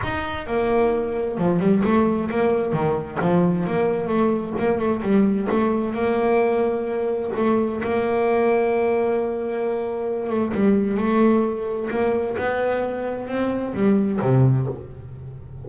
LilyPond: \new Staff \with { instrumentName = "double bass" } { \time 4/4 \tempo 4 = 131 dis'4 ais2 f8 g8 | a4 ais4 dis4 f4 | ais4 a4 ais8 a8 g4 | a4 ais2. |
a4 ais2.~ | ais2~ ais8 a8 g4 | a2 ais4 b4~ | b4 c'4 g4 c4 | }